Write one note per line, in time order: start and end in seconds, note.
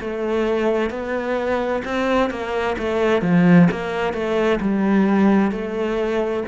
0.00 0.90 A3
0.90 1.83 B3
1.85 2.30 C4
2.30 2.77 A#3
2.78 3.22 A3
3.22 3.68 F3
3.71 4.13 A#3
4.13 4.59 A3
4.61 5.51 G3
5.51 6.44 A3